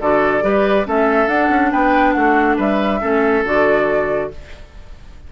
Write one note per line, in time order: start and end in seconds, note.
0.00 0.43 D3
0.00 0.41 F#4
0.00 0.44 A4
0.00 0.86 D5
0.41 0.86 G3
0.41 0.84 G4
0.41 0.87 B4
0.84 1.27 A3
0.84 1.28 C#4
0.84 1.71 A4
0.84 1.28 E5
1.27 1.49 D4
1.27 3.00 D4
1.27 1.71 F#5
1.49 1.71 C#4
1.71 2.15 B3
1.71 2.14 B4
1.71 2.12 G5
2.12 2.58 A3
2.12 2.56 F#4
2.12 2.55 F#5
2.56 3.01 G3
2.56 3.00 B4
2.56 3.46 E5
3.00 3.43 A3
3.00 3.44 C#4
3.00 4.30 A4
3.43 4.30 D3
3.43 4.31 F#4
3.43 4.32 D5